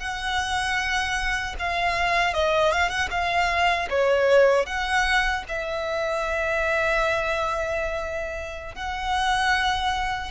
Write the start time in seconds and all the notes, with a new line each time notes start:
0.00 F#5
1.59 F5
2.34 D#5
2.72 F5
2.89 F#5
3.11 F5
3.90 C#5
4.66 F#5
5.49 E5
8.76 F#5